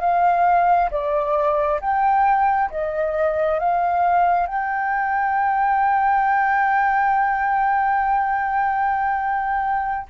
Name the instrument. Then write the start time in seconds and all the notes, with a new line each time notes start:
flute
0.00 F5
0.90 D5
1.80 G5
2.70 D#5
3.59 F5
4.47 G5